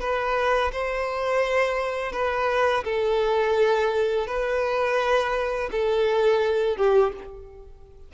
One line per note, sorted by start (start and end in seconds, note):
0.00 0.71 B4
0.72 2.12 C5
2.12 2.83 B4
2.84 4.27 A4
4.27 5.70 B4
5.71 6.77 A4
6.77 7.12 G4